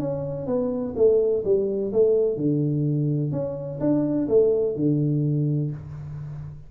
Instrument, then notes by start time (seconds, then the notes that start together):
tuba
0.00 C#4
0.47 B3
0.97 A3
1.45 G3
1.93 A3
2.37 D3
3.32 C#4
3.81 D4
4.28 A3
4.76 D3